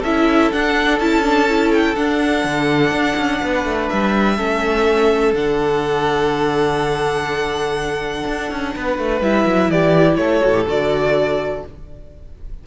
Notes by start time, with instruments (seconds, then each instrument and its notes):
0.00 cello C#4, viola E4, violin A4 E5
0.53 viola D4, cello D4, violin F#5
0.99 cello C#4, viola E4, violin A5
1.24 viola D4
1.49 viola E4
1.73 violin G5
1.96 cello D4, viola D4, violin F#5
2.45 cello D3
2.91 cello D4
3.17 cello C#4
3.43 cello B3, violin B4
3.65 cello A3
3.90 cello G3, violin E5
4.37 cello A3, viola C#4, violin A4
5.34 cello D3, viola D4, violin F#5
8.28 cello D4
8.51 cello C#4
8.76 cello B3, violin B4
8.99 cello A3
9.21 cello G3, viola E4, violin E5
9.46 cello F#3
9.69 cello E3, violin G4 D5
10.16 cello A3, violin A4 C#5
10.42 cello A2, viola F#4
10.54 viola G4
10.66 cello D3, viola F#4, violin D5